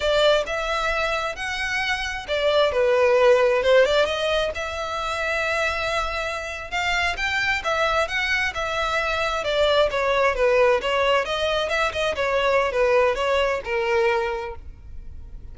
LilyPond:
\new Staff \with { instrumentName = "violin" } { \time 4/4 \tempo 4 = 132 d''4 e''2 fis''4~ | fis''4 d''4 b'2 | c''8 d''8 dis''4 e''2~ | e''2~ e''8. f''4 g''16~ |
g''8. e''4 fis''4 e''4~ e''16~ | e''8. d''4 cis''4 b'4 cis''16~ | cis''8. dis''4 e''8 dis''8 cis''4~ cis''16 | b'4 cis''4 ais'2 | }